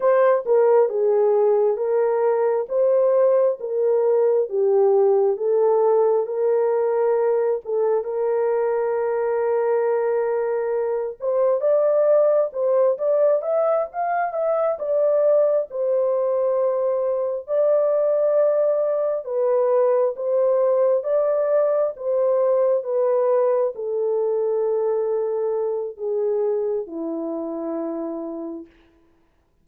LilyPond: \new Staff \with { instrumentName = "horn" } { \time 4/4 \tempo 4 = 67 c''8 ais'8 gis'4 ais'4 c''4 | ais'4 g'4 a'4 ais'4~ | ais'8 a'8 ais'2.~ | ais'8 c''8 d''4 c''8 d''8 e''8 f''8 |
e''8 d''4 c''2 d''8~ | d''4. b'4 c''4 d''8~ | d''8 c''4 b'4 a'4.~ | a'4 gis'4 e'2 | }